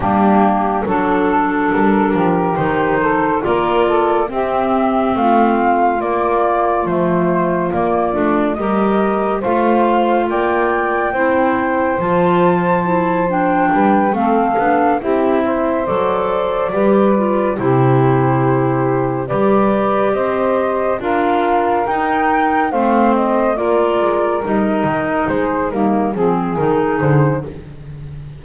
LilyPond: <<
  \new Staff \with { instrumentName = "flute" } { \time 4/4 \tempo 4 = 70 g'4 a'4 ais'4 c''4 | d''4 e''4 f''4 d''4 | c''4 d''4 dis''4 f''4 | g''2 a''4. g''8~ |
g''8 f''4 e''4 d''4.~ | d''8 c''2 d''4 dis''8~ | dis''8 f''4 g''4 f''8 dis''8 d''8~ | d''8 dis''4 c''8 ais'8 gis'8 ais'8 c''8 | }
  \new Staff \with { instrumentName = "saxophone" } { \time 4/4 d'4 a'4. g'4 a'8 | ais'8 a'8 g'4 f'2~ | f'2 ais'4 c''4 | d''4 c''2. |
b'8 a'4 g'8 c''4. b'8~ | b'8 g'2 b'4 c''8~ | c''8 ais'2 c''4 ais'8~ | ais'4. gis'8 dis'8 gis'4. | }
  \new Staff \with { instrumentName = "clarinet" } { \time 4/4 ais4 d'2 dis'4 | f'4 c'2 ais4 | a4 ais8 d'8 g'4 f'4~ | f'4 e'4 f'4 e'8 d'8~ |
d'8 c'8 d'8 e'4 a'4 g'8 | f'8 e'2 g'4.~ | g'8 f'4 dis'4 c'4 f'8~ | f'8 dis'4. ais8 c'8 dis'4 | }
  \new Staff \with { instrumentName = "double bass" } { \time 4/4 g4 fis4 g8 f8 dis4 | ais4 c'4 a4 ais4 | f4 ais8 a8 g4 a4 | ais4 c'4 f2 |
g8 a8 b8 c'4 fis4 g8~ | g8 c2 g4 c'8~ | c'8 d'4 dis'4 a4 ais8 | gis8 g8 dis8 gis8 g8 f8 dis8 d8 | }
>>